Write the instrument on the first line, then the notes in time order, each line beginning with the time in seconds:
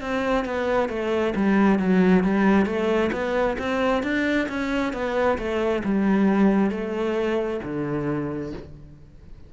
cello
0.00 C4
0.45 B3
0.89 A3
1.35 G3
1.79 F#3
2.23 G3
2.65 A3
3.12 B3
3.58 C4
4.03 D4
4.48 C#4
4.93 B3
5.38 A3
5.84 G3
6.70 A3
7.63 D3